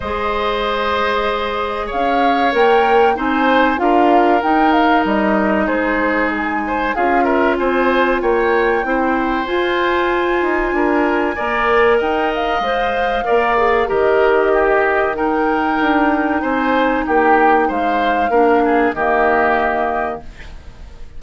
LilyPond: <<
  \new Staff \with { instrumentName = "flute" } { \time 4/4 \tempo 4 = 95 dis''2. f''4 | g''4 gis''4 f''4 g''8 f''8 | dis''4 c''4 gis''4 f''8 e''8 | gis''4 g''2 gis''4~ |
gis''2. g''8 f''8~ | f''2 dis''2 | g''2 gis''4 g''4 | f''2 dis''2 | }
  \new Staff \with { instrumentName = "oboe" } { \time 4/4 c''2. cis''4~ | cis''4 c''4 ais'2~ | ais'4 gis'4. c''8 gis'8 ais'8 | c''4 cis''4 c''2~ |
c''4 ais'4 d''4 dis''4~ | dis''4 d''4 ais'4 g'4 | ais'2 c''4 g'4 | c''4 ais'8 gis'8 g'2 | }
  \new Staff \with { instrumentName = "clarinet" } { \time 4/4 gis'1 | ais'4 dis'4 f'4 dis'4~ | dis'2. f'4~ | f'2 e'4 f'4~ |
f'2 ais'2 | c''4 ais'8 gis'8 g'2 | dis'1~ | dis'4 d'4 ais2 | }
  \new Staff \with { instrumentName = "bassoon" } { \time 4/4 gis2. cis'4 | ais4 c'4 d'4 dis'4 | g4 gis2 cis'4 | c'4 ais4 c'4 f'4~ |
f'8 dis'8 d'4 ais4 dis'4 | gis4 ais4 dis2~ | dis4 d'4 c'4 ais4 | gis4 ais4 dis2 | }
>>